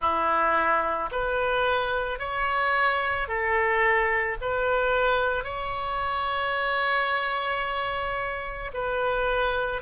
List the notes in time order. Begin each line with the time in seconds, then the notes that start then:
0.00 E4
1.11 B4
2.19 C#5
3.28 A4
4.41 B4
5.43 C#5
8.73 B4